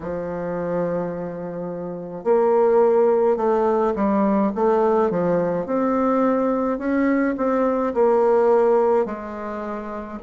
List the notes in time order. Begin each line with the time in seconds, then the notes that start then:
0.00 F3
2.24 A#3
3.37 A3
3.95 G3
4.55 A3
5.10 F3
5.66 C4
6.78 C#4
7.37 C4
7.93 A#3
9.05 G#3